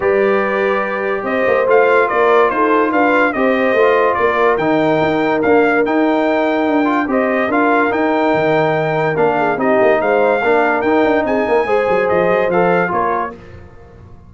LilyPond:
<<
  \new Staff \with { instrumentName = "trumpet" } { \time 4/4 \tempo 4 = 144 d''2. dis''4 | f''4 d''4 c''4 f''4 | dis''2 d''4 g''4~ | g''4 f''4 g''2~ |
g''4 dis''4 f''4 g''4~ | g''2 f''4 dis''4 | f''2 g''4 gis''4~ | gis''4 dis''4 f''4 cis''4 | }
  \new Staff \with { instrumentName = "horn" } { \time 4/4 b'2. c''4~ | c''4 ais'4 a'4 b'4 | c''2 ais'2~ | ais'1~ |
ais'4 c''4 ais'2~ | ais'2~ ais'8 gis'8 g'4 | c''4 ais'2 gis'8 ais'8 | c''2. ais'4 | }
  \new Staff \with { instrumentName = "trombone" } { \time 4/4 g'1 | f'1 | g'4 f'2 dis'4~ | dis'4 ais4 dis'2~ |
dis'8 f'8 g'4 f'4 dis'4~ | dis'2 d'4 dis'4~ | dis'4 d'4 dis'2 | gis'2 a'4 f'4 | }
  \new Staff \with { instrumentName = "tuba" } { \time 4/4 g2. c'8 ais8 | a4 ais4 dis'4 d'4 | c'4 a4 ais4 dis4 | dis'4 d'4 dis'2 |
d'4 c'4 d'4 dis'4 | dis2 ais4 c'8 ais8 | gis4 ais4 dis'8 d'8 c'8 ais8 | gis8 fis8 f8 fis8 f4 ais4 | }
>>